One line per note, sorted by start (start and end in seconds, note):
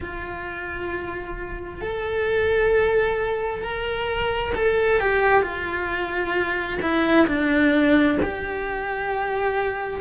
0.00 1.81 F4
1.81 3.62 A4
3.62 4.53 A#4
4.55 5.00 A4
5.00 5.42 G4
5.42 6.79 F4
6.81 7.26 E4
7.27 8.18 D4
8.22 10.00 G4